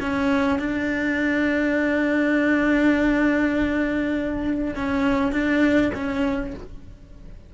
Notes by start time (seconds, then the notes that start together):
0.00 C#4
0.59 D4
4.75 C#4
5.32 D4
5.94 C#4